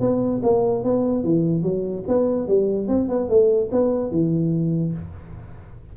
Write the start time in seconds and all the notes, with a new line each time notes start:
0.00 B3
0.42 A#3
0.83 B3
1.23 E3
1.62 F#3
2.07 B3
2.48 G3
2.87 C4
3.08 B3
3.29 A3
3.71 B3
4.11 E3